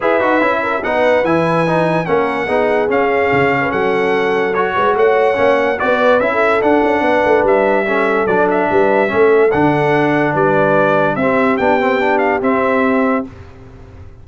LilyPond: <<
  \new Staff \with { instrumentName = "trumpet" } { \time 4/4 \tempo 4 = 145 e''2 fis''4 gis''4~ | gis''4 fis''2 f''4~ | f''4 fis''2 cis''4 | fis''2 d''4 e''4 |
fis''2 e''2 | d''8 e''2~ e''8 fis''4~ | fis''4 d''2 e''4 | g''4. f''8 e''2 | }
  \new Staff \with { instrumentName = "horn" } { \time 4/4 b'4. ais'8 b'2~ | b'4 ais'4 gis'2~ | gis'8. b'16 a'2~ a'8 b'8 | cis''2 b'4~ b'16 a'8.~ |
a'4 b'2 a'4~ | a'4 b'4 a'2~ | a'4 b'2 g'4~ | g'1 | }
  \new Staff \with { instrumentName = "trombone" } { \time 4/4 gis'8 fis'8 e'4 dis'4 e'4 | dis'4 cis'4 dis'4 cis'4~ | cis'2. fis'4~ | fis'4 cis'4 fis'4 e'4 |
d'2. cis'4 | d'2 cis'4 d'4~ | d'2. c'4 | d'8 c'8 d'4 c'2 | }
  \new Staff \with { instrumentName = "tuba" } { \time 4/4 e'8 dis'8 cis'4 b4 e4~ | e4 ais4 b4 cis'4 | cis4 fis2~ fis8 gis8 | a4 ais4 b4 cis'4 |
d'8 cis'8 b8 a8 g2 | fis4 g4 a4 d4~ | d4 g2 c'4 | b2 c'2 | }
>>